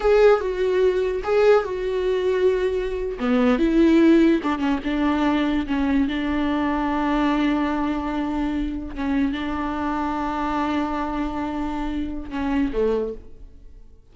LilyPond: \new Staff \with { instrumentName = "viola" } { \time 4/4 \tempo 4 = 146 gis'4 fis'2 gis'4 | fis'2.~ fis'8. b16~ | b8. e'2 d'8 cis'8 d'16~ | d'4.~ d'16 cis'4 d'4~ d'16~ |
d'1~ | d'4.~ d'16 cis'4 d'4~ d'16~ | d'1~ | d'2 cis'4 a4 | }